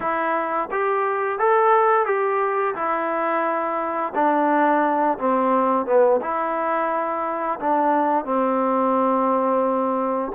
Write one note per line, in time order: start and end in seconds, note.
0.00 0.69 E4
0.71 1.38 G4
1.38 2.06 A4
2.06 2.75 G4
2.75 4.13 E4
4.14 5.18 D4
5.18 5.86 C4
5.86 6.20 B3
6.21 7.59 E4
7.60 8.24 D4
8.24 10.31 C4